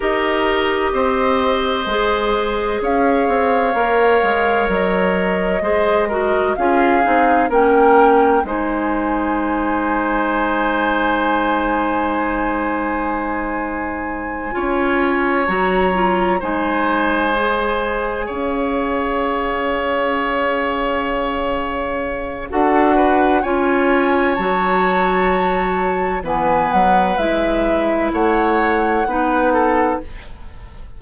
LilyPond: <<
  \new Staff \with { instrumentName = "flute" } { \time 4/4 \tempo 4 = 64 dis''2. f''4~ | f''4 dis''2 f''4 | g''4 gis''2.~ | gis''1~ |
gis''8 ais''4 gis''2 f''8~ | f''1 | fis''4 gis''4 a''2 | gis''8 fis''8 e''4 fis''2 | }
  \new Staff \with { instrumentName = "oboe" } { \time 4/4 ais'4 c''2 cis''4~ | cis''2 c''8 ais'8 gis'4 | ais'4 c''2.~ | c''2.~ c''8 cis''8~ |
cis''4. c''2 cis''8~ | cis''1 | a'8 b'8 cis''2. | b'2 cis''4 b'8 a'8 | }
  \new Staff \with { instrumentName = "clarinet" } { \time 4/4 g'2 gis'2 | ais'2 gis'8 fis'8 f'8 dis'8 | cis'4 dis'2.~ | dis'2.~ dis'8 f'8~ |
f'8 fis'8 f'8 dis'4 gis'4.~ | gis'1 | fis'4 f'4 fis'2 | b4 e'2 dis'4 | }
  \new Staff \with { instrumentName = "bassoon" } { \time 4/4 dis'4 c'4 gis4 cis'8 c'8 | ais8 gis8 fis4 gis4 cis'8 c'8 | ais4 gis2.~ | gis2.~ gis8 cis'8~ |
cis'8 fis4 gis2 cis'8~ | cis'1 | d'4 cis'4 fis2 | e8 fis8 gis4 a4 b4 | }
>>